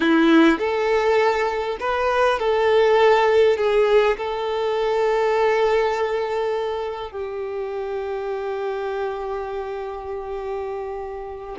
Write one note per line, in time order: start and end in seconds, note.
0.00 0.59 E4
0.59 1.77 A4
1.80 2.39 B4
2.39 3.57 A4
3.57 4.16 G#4
4.17 7.11 A4
7.11 11.57 G4